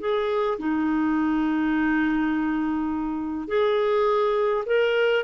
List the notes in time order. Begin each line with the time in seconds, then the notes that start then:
0.00 G#4
0.59 D#4
3.48 G#4
4.66 A#4